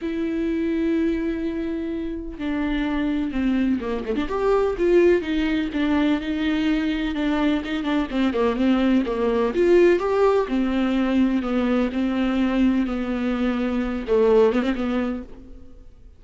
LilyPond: \new Staff \with { instrumentName = "viola" } { \time 4/4 \tempo 4 = 126 e'1~ | e'4 d'2 c'4 | ais8 a16 d'16 g'4 f'4 dis'4 | d'4 dis'2 d'4 |
dis'8 d'8 c'8 ais8 c'4 ais4 | f'4 g'4 c'2 | b4 c'2 b4~ | b4. a4 b16 c'16 b4 | }